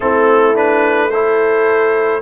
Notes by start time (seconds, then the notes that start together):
0.00 A3 C4 E4 A4
0.54 D4 B4
1.10 E4 A4 C5